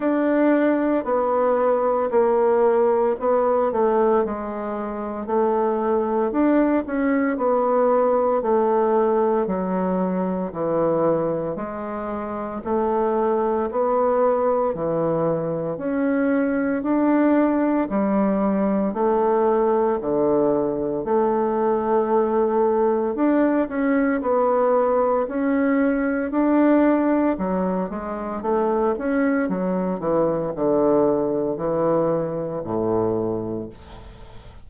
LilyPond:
\new Staff \with { instrumentName = "bassoon" } { \time 4/4 \tempo 4 = 57 d'4 b4 ais4 b8 a8 | gis4 a4 d'8 cis'8 b4 | a4 fis4 e4 gis4 | a4 b4 e4 cis'4 |
d'4 g4 a4 d4 | a2 d'8 cis'8 b4 | cis'4 d'4 fis8 gis8 a8 cis'8 | fis8 e8 d4 e4 a,4 | }